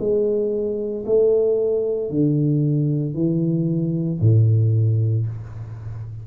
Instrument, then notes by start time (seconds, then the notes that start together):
tuba
0.00 G#3
1.06 A3
2.11 D3
3.15 E3
4.21 A2